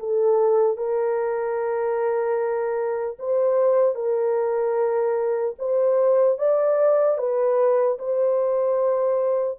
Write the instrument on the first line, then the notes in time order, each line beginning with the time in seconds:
horn
0.00 A4
0.77 A#4
3.19 C5
3.96 A#4
5.59 C5
6.39 D5
7.18 B4
7.99 C5